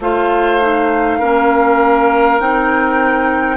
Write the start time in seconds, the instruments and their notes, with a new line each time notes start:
0.00 bassoon A3, clarinet F4, oboe C5, flute F5
0.61 clarinet D#4
1.19 bassoon A#3, clarinet C#4, oboe A#4
2.40 bassoon C4, clarinet D#4, flute G5